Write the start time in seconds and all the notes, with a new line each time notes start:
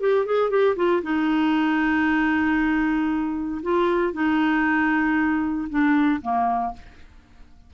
0.00 G4
0.25 G#4
0.50 G4
0.76 F4
1.02 D#4
3.62 F4
4.12 D#4
5.69 D4
6.21 A#3